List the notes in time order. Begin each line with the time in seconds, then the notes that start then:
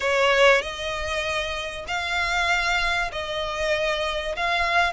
0.00 C#5
0.61 D#5
1.87 F5
3.12 D#5
4.36 F5